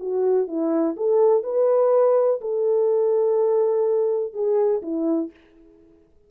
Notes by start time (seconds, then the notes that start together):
0.00 F#4
0.48 E4
0.97 A4
1.44 B4
2.41 A4
4.34 G#4
4.82 E4